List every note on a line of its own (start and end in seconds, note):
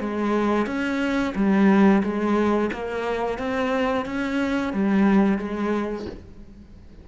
0.00 0.66 G#3
0.66 1.34 C#4
1.35 2.03 G3
2.03 2.71 G#3
2.73 3.38 A#3
3.38 4.05 C4
4.05 4.73 C#4
4.73 5.38 G3
5.38 6.06 G#3